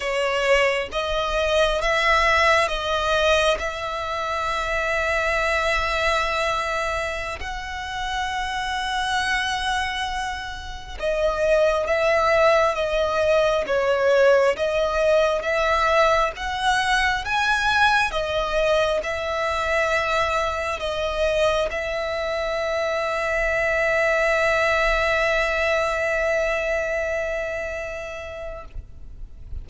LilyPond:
\new Staff \with { instrumentName = "violin" } { \time 4/4 \tempo 4 = 67 cis''4 dis''4 e''4 dis''4 | e''1~ | e''16 fis''2.~ fis''8.~ | fis''16 dis''4 e''4 dis''4 cis''8.~ |
cis''16 dis''4 e''4 fis''4 gis''8.~ | gis''16 dis''4 e''2 dis''8.~ | dis''16 e''2.~ e''8.~ | e''1 | }